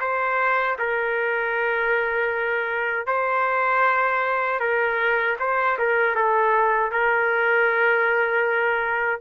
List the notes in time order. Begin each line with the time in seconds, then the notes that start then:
0.00 C5
0.79 A#4
3.07 C5
4.60 A#4
5.40 C5
5.79 A#4
6.15 A4
6.92 A#4